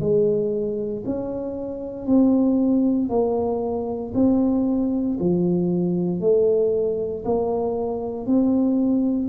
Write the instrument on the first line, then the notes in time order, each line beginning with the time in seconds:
tuba
0.00 G#3
1.06 C#4
2.06 C4
3.09 A#3
4.14 C4
5.20 F3
6.21 A3
7.25 A#3
8.27 C4